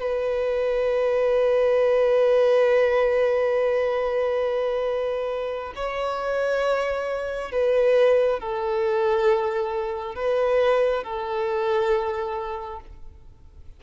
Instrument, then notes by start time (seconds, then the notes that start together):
violin
0.00 B4
5.76 C#5
7.52 B4
8.40 A4
10.16 B4
11.04 A4